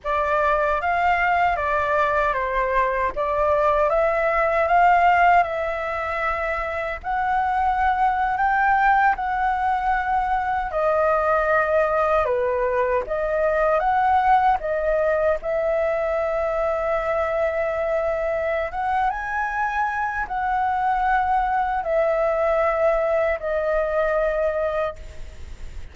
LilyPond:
\new Staff \with { instrumentName = "flute" } { \time 4/4 \tempo 4 = 77 d''4 f''4 d''4 c''4 | d''4 e''4 f''4 e''4~ | e''4 fis''4.~ fis''16 g''4 fis''16~ | fis''4.~ fis''16 dis''2 b'16~ |
b'8. dis''4 fis''4 dis''4 e''16~ | e''1 | fis''8 gis''4. fis''2 | e''2 dis''2 | }